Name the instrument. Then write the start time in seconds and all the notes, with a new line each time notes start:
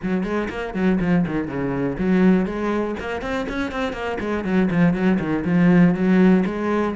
cello
0.02 F#3
0.23 G#3
0.49 A#3
0.74 F#3
1.00 F3
1.26 D#3
1.47 C#3
1.97 F#3
2.45 G#3
2.99 A#3
3.21 C4
3.48 C#4
3.71 C4
3.92 A#3
4.19 G#3
4.44 F#3
4.70 F3
4.93 F#3
5.19 D#3
5.44 F3
5.94 F#3
6.45 G#3